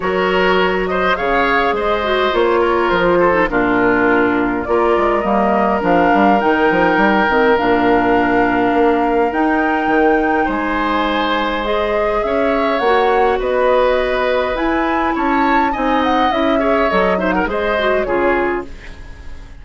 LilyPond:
<<
  \new Staff \with { instrumentName = "flute" } { \time 4/4 \tempo 4 = 103 cis''4. dis''8 f''4 dis''4 | cis''4 c''4 ais'2 | d''4 dis''4 f''4 g''4~ | g''4 f''2. |
g''2 gis''2 | dis''4 e''4 fis''4 dis''4~ | dis''4 gis''4 a''4 gis''8 fis''8 | e''4 dis''8 e''16 fis''16 dis''4 cis''4 | }
  \new Staff \with { instrumentName = "oboe" } { \time 4/4 ais'4. c''8 cis''4 c''4~ | c''8 ais'4 a'8 f'2 | ais'1~ | ais'1~ |
ais'2 c''2~ | c''4 cis''2 b'4~ | b'2 cis''4 dis''4~ | dis''8 cis''4 c''16 ais'16 c''4 gis'4 | }
  \new Staff \with { instrumentName = "clarinet" } { \time 4/4 fis'2 gis'4. fis'8 | f'4.~ f'16 dis'16 d'2 | f'4 ais4 d'4 dis'4~ | dis'8 c'8 d'2. |
dis'1 | gis'2 fis'2~ | fis'4 e'2 dis'4 | e'8 gis'8 a'8 dis'8 gis'8 fis'8 f'4 | }
  \new Staff \with { instrumentName = "bassoon" } { \time 4/4 fis2 cis4 gis4 | ais4 f4 ais,2 | ais8 gis8 g4 f8 g8 dis8 f8 | g8 dis8 ais,2 ais4 |
dis'4 dis4 gis2~ | gis4 cis'4 ais4 b4~ | b4 e'4 cis'4 c'4 | cis'4 fis4 gis4 cis4 | }
>>